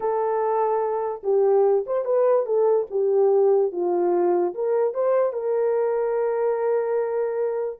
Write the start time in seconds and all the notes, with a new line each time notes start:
0.00 A4
1.23 G4
1.86 C5
2.05 B4
2.45 A4
2.90 G4
3.71 F4
4.54 A#4
4.94 C5
5.32 A#4